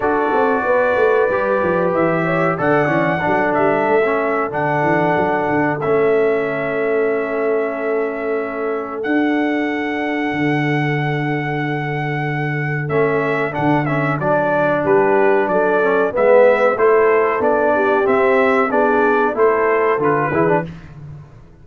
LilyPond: <<
  \new Staff \with { instrumentName = "trumpet" } { \time 4/4 \tempo 4 = 93 d''2. e''4 | fis''4. e''4. fis''4~ | fis''4 e''2.~ | e''2 fis''2~ |
fis''1 | e''4 fis''8 e''8 d''4 b'4 | d''4 e''4 c''4 d''4 | e''4 d''4 c''4 b'4 | }
  \new Staff \with { instrumentName = "horn" } { \time 4/4 a'4 b'2~ b'8 cis''8 | d''4 a'2.~ | a'1~ | a'1~ |
a'1~ | a'2. g'4 | a'4 b'4 a'4. g'8~ | g'4 gis'4 a'4. gis'8 | }
  \new Staff \with { instrumentName = "trombone" } { \time 4/4 fis'2 g'2 | a'8 cis'8 d'4~ d'16 cis'8. d'4~ | d'4 cis'2.~ | cis'2 d'2~ |
d'1 | cis'4 d'8 cis'8 d'2~ | d'8 cis'8 b4 e'4 d'4 | c'4 d'4 e'4 f'8 e'16 d'16 | }
  \new Staff \with { instrumentName = "tuba" } { \time 4/4 d'8 c'8 b8 a8 g8 f8 e4 | d8 e8 fis8 g8 a4 d8 e8 | fis8 d8 a2.~ | a2 d'2 |
d1 | a4 d4 fis4 g4 | fis4 gis4 a4 b4 | c'4 b4 a4 d8 e8 | }
>>